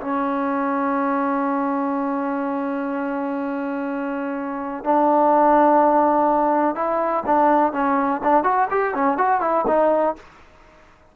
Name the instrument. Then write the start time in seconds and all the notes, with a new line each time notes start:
trombone
0.00 C#4
4.84 D4
6.75 E4
7.26 D4
7.72 C#4
8.23 D4
8.43 F#4
8.70 G4
8.94 C#4
9.17 F#4
9.41 E4
9.67 D#4